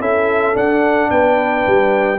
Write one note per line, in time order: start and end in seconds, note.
0.00 0.55 C#4
0.00 0.54 E4
0.00 1.10 A4
0.00 0.56 E5
0.54 2.17 D4
0.54 1.10 D4
0.54 1.10 F#5
1.10 1.65 B3
1.10 2.19 B4
1.10 2.19 G5
1.67 2.19 G3